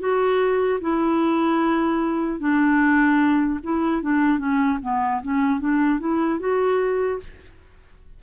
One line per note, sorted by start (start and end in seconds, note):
0.00 0.80 F#4
0.81 2.40 E4
2.40 3.60 D4
3.63 4.02 E4
4.02 4.39 D4
4.39 4.79 C#4
4.83 5.23 B3
5.23 5.60 C#4
5.60 6.00 D4
6.00 6.40 E4
6.40 7.20 F#4